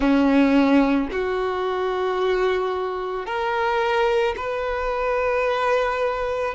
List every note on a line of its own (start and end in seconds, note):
0.00 1.09 C#4
1.11 3.25 F#4
3.25 4.34 A#4
4.36 6.54 B4